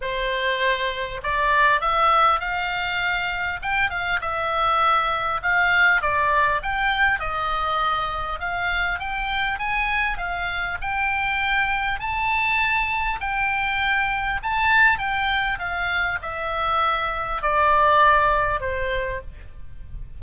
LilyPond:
\new Staff \with { instrumentName = "oboe" } { \time 4/4 \tempo 4 = 100 c''2 d''4 e''4 | f''2 g''8 f''8 e''4~ | e''4 f''4 d''4 g''4 | dis''2 f''4 g''4 |
gis''4 f''4 g''2 | a''2 g''2 | a''4 g''4 f''4 e''4~ | e''4 d''2 c''4 | }